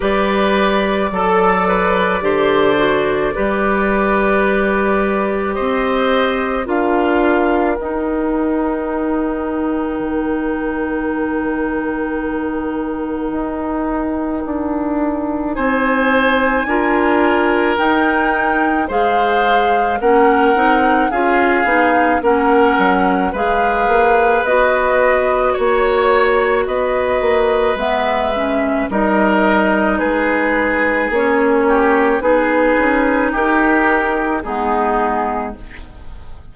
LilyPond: <<
  \new Staff \with { instrumentName = "flute" } { \time 4/4 \tempo 4 = 54 d''1~ | d''4 dis''4 f''4 g''4~ | g''1~ | g''2 gis''2 |
g''4 f''4 fis''4 f''4 | fis''4 f''4 dis''4 cis''4 | dis''4 e''4 dis''4 b'4 | cis''4 b'4 ais'4 gis'4 | }
  \new Staff \with { instrumentName = "oboe" } { \time 4/4 b'4 a'8 b'8 c''4 b'4~ | b'4 c''4 ais'2~ | ais'1~ | ais'2 c''4 ais'4~ |
ais'4 c''4 ais'4 gis'4 | ais'4 b'2 cis''4 | b'2 ais'4 gis'4~ | gis'8 g'8 gis'4 g'4 dis'4 | }
  \new Staff \with { instrumentName = "clarinet" } { \time 4/4 g'4 a'4 g'8 fis'8 g'4~ | g'2 f'4 dis'4~ | dis'1~ | dis'2. f'4 |
dis'4 gis'4 cis'8 dis'8 f'8 dis'8 | cis'4 gis'4 fis'2~ | fis'4 b8 cis'8 dis'2 | cis'4 dis'2 b4 | }
  \new Staff \with { instrumentName = "bassoon" } { \time 4/4 g4 fis4 d4 g4~ | g4 c'4 d'4 dis'4~ | dis'4 dis2. | dis'4 d'4 c'4 d'4 |
dis'4 gis4 ais8 c'8 cis'8 b8 | ais8 fis8 gis8 ais8 b4 ais4 | b8 ais8 gis4 g4 gis4 | ais4 b8 cis'8 dis'4 gis4 | }
>>